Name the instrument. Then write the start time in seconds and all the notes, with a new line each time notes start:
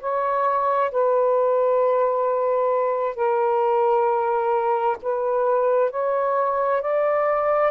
saxophone
0.00 C#5
0.91 B4
3.15 A#4
5.02 B4
5.90 C#5
6.81 D5